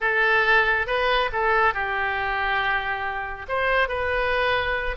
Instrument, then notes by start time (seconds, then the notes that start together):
oboe
0.00 A4
0.86 B4
1.32 A4
1.73 G4
3.48 C5
3.88 B4